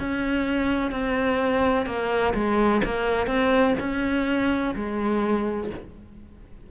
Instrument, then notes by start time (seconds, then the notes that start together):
cello
0.00 C#4
0.91 C4
1.86 A#3
2.35 G#3
2.85 A#3
3.27 C4
3.80 C#4
4.76 G#3